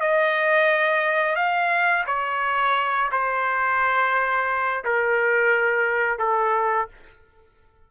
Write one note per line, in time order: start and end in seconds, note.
0.00 1.35 D#5
1.35 2.04 F5
2.06 3.10 C#5
3.11 4.84 C5
4.84 6.18 A#4
6.18 6.87 A4